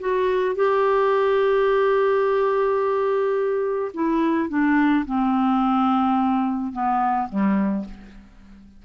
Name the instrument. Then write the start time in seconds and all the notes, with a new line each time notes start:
clarinet
0.00 F#4
0.56 G4
3.94 E4
4.49 D4
5.06 C4
6.73 B3
7.29 G3